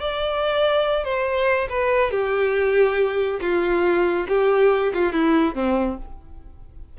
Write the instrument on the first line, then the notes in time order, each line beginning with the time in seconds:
violin
0.00 D5
1.04 C5
1.69 B4
2.11 G4
3.41 F4
4.28 G4
4.94 F4
5.13 E4
5.55 C4